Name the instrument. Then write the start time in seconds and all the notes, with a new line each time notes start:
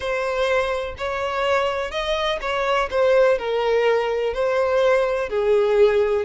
violin
0.00 C5
0.97 C#5
1.91 D#5
2.41 C#5
2.90 C5
3.38 A#4
4.33 C5
5.29 G#4